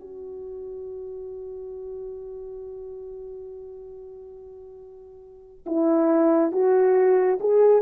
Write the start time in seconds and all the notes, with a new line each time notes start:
0.00 F#4
5.66 E4
6.52 F#4
7.40 G#4